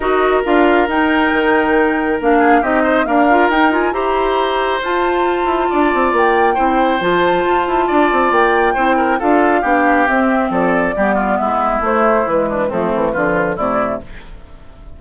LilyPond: <<
  \new Staff \with { instrumentName = "flute" } { \time 4/4 \tempo 4 = 137 dis''4 f''4 g''2~ | g''4 f''4 dis''4 f''4 | g''8 gis''8 ais''2 a''4~ | a''2 g''2 |
a''2. g''4~ | g''4 f''2 e''4 | d''2 e''4 c''4 | b'4 a'4 b'4 d''4 | }
  \new Staff \with { instrumentName = "oboe" } { \time 4/4 ais'1~ | ais'4. gis'8 g'8 c''8 ais'4~ | ais'4 c''2.~ | c''4 d''2 c''4~ |
c''2 d''2 | c''8 ais'8 a'4 g'2 | a'4 g'8 f'8 e'2~ | e'8 d'8 c'4 f'4 e'4 | }
  \new Staff \with { instrumentName = "clarinet" } { \time 4/4 fis'4 f'4 dis'2~ | dis'4 d'4 dis'4 ais8 f'8 | dis'8 f'8 g'2 f'4~ | f'2. e'4 |
f'1 | e'4 f'4 d'4 c'4~ | c'4 b2 a4 | gis4 a4 f4 a4 | }
  \new Staff \with { instrumentName = "bassoon" } { \time 4/4 dis'4 d'4 dis'4 dis4~ | dis4 ais4 c'4 d'4 | dis'4 e'2 f'4~ | f'8 e'8 d'8 c'8 ais4 c'4 |
f4 f'8 e'8 d'8 c'8 ais4 | c'4 d'4 b4 c'4 | f4 g4 gis4 a4 | e4 f8 e8 d4 c4 | }
>>